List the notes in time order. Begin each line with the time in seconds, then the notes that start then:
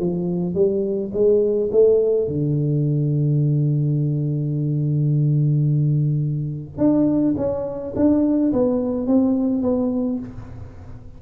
0.00 F3
0.55 G3
1.14 G#3
1.72 A3
2.28 D3
6.78 D4
7.37 C#4
7.96 D4
8.53 B3
9.07 C4
9.63 B3